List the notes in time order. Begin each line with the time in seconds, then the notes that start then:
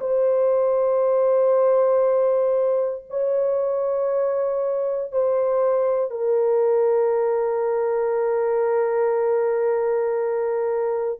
0.00 C5
3.10 C#5
5.12 C5
6.10 A#4